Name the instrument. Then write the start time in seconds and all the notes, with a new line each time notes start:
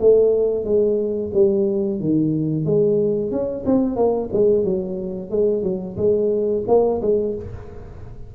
tuba
0.00 A3
0.64 G#3
1.34 G3
2.00 D#3
2.65 G#3
3.31 C#4
3.65 C4
3.96 A#3
4.33 G#3
4.64 F#3
5.31 G#3
5.63 F#3
5.97 G#3
6.68 A#3
7.02 G#3